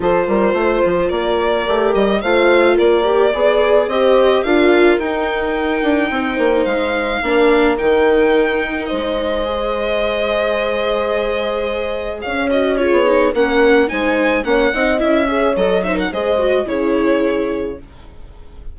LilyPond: <<
  \new Staff \with { instrumentName = "violin" } { \time 4/4 \tempo 4 = 108 c''2 d''4. dis''8 | f''4 d''2 dis''4 | f''4 g''2. | f''2 g''2 |
dis''1~ | dis''2 f''8 dis''8 cis''4 | fis''4 gis''4 fis''4 e''4 | dis''8 e''16 fis''16 dis''4 cis''2 | }
  \new Staff \with { instrumentName = "horn" } { \time 4/4 a'8 ais'8 c''4 ais'2 | c''4 ais'4 d''4 c''4 | ais'2. c''4~ | c''4 ais'2. |
c''1~ | c''2 cis''4 gis'4 | ais'4 c''4 cis''8 dis''4 cis''8~ | cis''8 c''16 ais'16 c''4 gis'2 | }
  \new Staff \with { instrumentName = "viola" } { \time 4/4 f'2. g'4 | f'4. g'8 gis'4 g'4 | f'4 dis'2.~ | dis'4 d'4 dis'2~ |
dis'4 gis'2.~ | gis'2~ gis'8 fis'8 f'8 dis'8 | cis'4 dis'4 cis'8 dis'8 e'8 gis'8 | a'8 dis'8 gis'8 fis'8 e'2 | }
  \new Staff \with { instrumentName = "bassoon" } { \time 4/4 f8 g8 a8 f8 ais4 a8 g8 | a4 ais4 b4 c'4 | d'4 dis'4. d'8 c'8 ais8 | gis4 ais4 dis2 |
gis1~ | gis2 cis'4~ cis'16 b8. | ais4 gis4 ais8 c'8 cis'4 | fis4 gis4 cis2 | }
>>